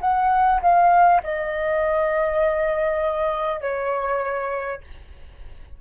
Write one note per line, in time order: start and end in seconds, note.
0.00 0.60 F#5
0.61 1.21 F5
1.23 3.61 D#5
3.61 4.81 C#5